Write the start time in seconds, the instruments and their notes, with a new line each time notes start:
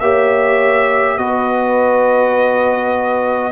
0.00 tuba A#3, trombone G4, horn C#5, trumpet E5
1.18 tuba B3, trombone F#4, horn B4, trumpet D#5